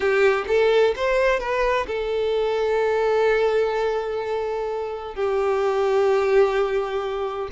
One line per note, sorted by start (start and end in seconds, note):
0.00 0.45 G4
0.47 0.94 A4
0.95 1.39 C5
1.39 1.86 B4
1.87 5.14 A4
5.14 7.49 G4